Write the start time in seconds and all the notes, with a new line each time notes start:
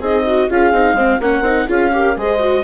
0.00 C4 D#4 G#4 D#5
0.26 F#4
0.49 C#4 F4 G#4 F5
0.72 C4 D#4
0.93 G#3 C4 C5
1.19 A#3 C#4 A#4 F#5
1.41 C4 D#4
1.67 C#4 F4 G#4 F5
1.93 G4 A#4
2.17 G#3 G#4 C5 D#5
2.39 F#4